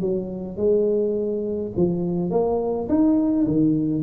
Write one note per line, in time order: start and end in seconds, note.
0.00 0.56 F#3
0.56 1.72 G#3
1.76 2.30 F3
2.30 2.88 A#3
2.88 3.46 D#4
3.47 4.03 D#3